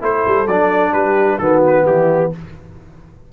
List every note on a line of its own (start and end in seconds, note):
0.00 0.24 A3
0.00 0.46 E4
0.00 0.92 A4
0.00 0.47 C5
0.27 0.46 G3
0.46 0.92 F#3
0.46 1.41 D4
0.46 0.93 D5
0.92 1.38 G3
0.92 1.37 G4
0.92 1.38 B4
1.38 1.85 D#3
1.38 2.32 B3
1.38 1.84 F#4
1.38 1.61 A4
1.66 1.86 B4
1.84 2.32 E3
1.84 2.30 E4
1.84 2.32 G4